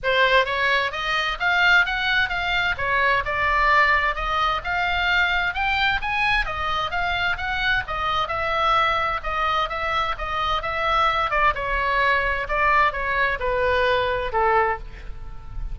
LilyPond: \new Staff \with { instrumentName = "oboe" } { \time 4/4 \tempo 4 = 130 c''4 cis''4 dis''4 f''4 | fis''4 f''4 cis''4 d''4~ | d''4 dis''4 f''2 | g''4 gis''4 dis''4 f''4 |
fis''4 dis''4 e''2 | dis''4 e''4 dis''4 e''4~ | e''8 d''8 cis''2 d''4 | cis''4 b'2 a'4 | }